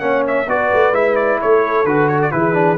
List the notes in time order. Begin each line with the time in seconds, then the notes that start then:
0.00 A#3 C#4 C#5 F#5
0.27 E5
0.47 B3 F#4 B4 D5
0.74 A3
0.91 G#3 E4 E5
1.16 D5
1.41 A3 A4 C#5
1.84 D3 F#4 B4
2.08 C#5
2.22 D5
2.32 E3 E4 G#4 B4
2.53 D4